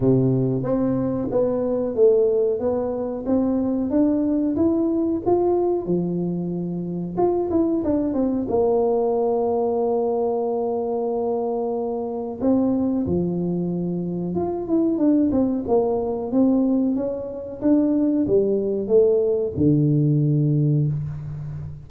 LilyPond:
\new Staff \with { instrumentName = "tuba" } { \time 4/4 \tempo 4 = 92 c4 c'4 b4 a4 | b4 c'4 d'4 e'4 | f'4 f2 f'8 e'8 | d'8 c'8 ais2.~ |
ais2. c'4 | f2 f'8 e'8 d'8 c'8 | ais4 c'4 cis'4 d'4 | g4 a4 d2 | }